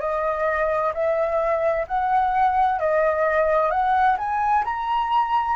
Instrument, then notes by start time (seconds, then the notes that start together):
flute
0.00 D#5
0.94 E5
1.87 F#5
2.79 D#5
3.70 F#5
4.17 G#5
4.64 A#5